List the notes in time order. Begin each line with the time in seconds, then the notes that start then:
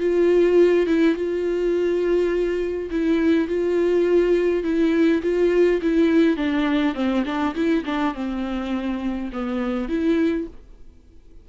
0.00 F4
0.87 E4
1.15 F4
2.91 E4
3.48 F4
4.64 E4
5.22 F4
5.82 E4
6.37 D4
6.95 C4
7.26 D4
7.55 E4
7.85 D4
8.14 C4
9.33 B3
9.89 E4